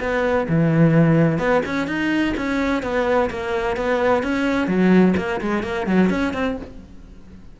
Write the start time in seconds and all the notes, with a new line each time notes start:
0.00 B3
0.49 E3
1.38 B3
1.66 C#4
1.87 D#4
2.37 C#4
2.83 B3
3.30 A#3
3.76 B3
4.23 C#4
4.67 F#3
5.17 A#3
5.41 G#3
5.63 A#3
5.87 F#3
6.10 C#4
6.33 C4